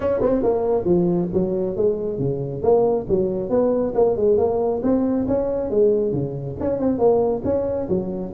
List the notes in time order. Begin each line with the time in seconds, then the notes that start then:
0.00 C#4
0.21 C4
0.42 A#3
0.84 F3
1.33 F#3
1.76 G#3
2.18 C#3
2.62 A#3
3.09 F#3
3.49 B3
3.94 A#3
4.16 G#3
4.37 A#3
4.83 C4
5.27 C#4
5.70 G#3
6.12 C#3
6.60 C#4
6.79 C4
6.98 A#3
7.44 C#4
7.89 F#3